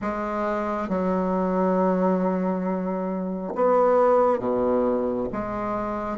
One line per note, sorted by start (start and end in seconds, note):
0.01 0.88 G#3
0.88 3.53 F#3
3.55 4.39 B3
4.39 5.27 B2
5.32 6.17 G#3